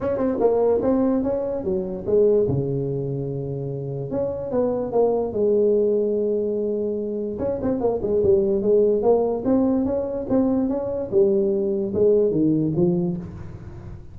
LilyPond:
\new Staff \with { instrumentName = "tuba" } { \time 4/4 \tempo 4 = 146 cis'8 c'8 ais4 c'4 cis'4 | fis4 gis4 cis2~ | cis2 cis'4 b4 | ais4 gis2.~ |
gis2 cis'8 c'8 ais8 gis8 | g4 gis4 ais4 c'4 | cis'4 c'4 cis'4 g4~ | g4 gis4 dis4 f4 | }